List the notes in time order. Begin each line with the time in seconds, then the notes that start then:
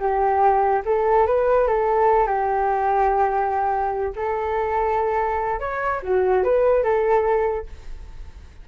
0.00 G4
0.86 A4
1.27 B4
1.68 A4
2.27 G4
4.16 A4
5.60 C#5
6.03 F#4
6.44 B4
6.84 A4